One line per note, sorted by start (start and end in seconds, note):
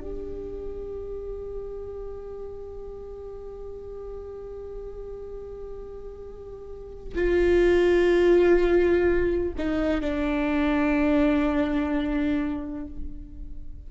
0.00 7.14 G4
7.15 9.53 F4
9.58 10.01 D#4
10.01 12.87 D4